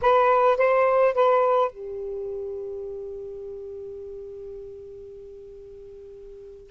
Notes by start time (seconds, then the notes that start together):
0.01 B4
0.57 C5
1.14 B4
1.71 G4